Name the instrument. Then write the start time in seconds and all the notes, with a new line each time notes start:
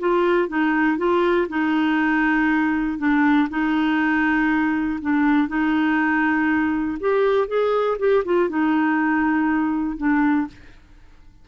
clarinet
0.00 F4
0.49 D#4
0.98 F4
1.49 D#4
2.99 D4
3.50 D#4
5.01 D4
5.49 D#4
7.00 G4
7.48 G#4
7.99 G4
8.25 F4
8.50 D#4
9.97 D4